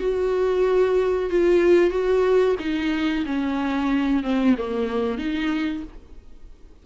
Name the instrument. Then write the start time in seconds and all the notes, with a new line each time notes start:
viola
0.00 F#4
1.30 F4
1.91 F#4
2.59 D#4
3.26 C#4
4.23 C4
4.58 A#3
5.18 D#4